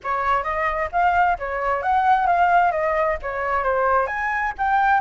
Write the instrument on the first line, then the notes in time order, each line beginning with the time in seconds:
flute
0.03 C#5
0.43 D#5
0.92 F5
1.38 C#5
1.82 F#5
2.26 F5
2.71 D#5
3.22 C#5
3.63 C5
4.06 G#5
4.58 G5